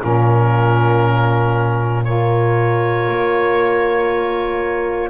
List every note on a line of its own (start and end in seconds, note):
0.00 3.08 A#2
0.00 2.03 C#4
0.00 2.06 F4
0.00 2.04 A#4
2.04 5.10 F4
2.04 5.10 A#4
2.04 5.09 C#5
3.08 5.10 A#3